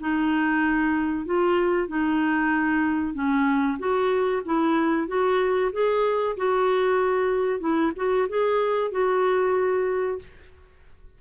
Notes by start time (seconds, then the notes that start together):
0.00 D#4
1.26 F4
1.88 D#4
3.14 C#4
3.79 F#4
4.45 E4
5.07 F#4
5.72 G#4
6.37 F#4
7.60 E4
7.96 F#4
8.29 G#4
8.91 F#4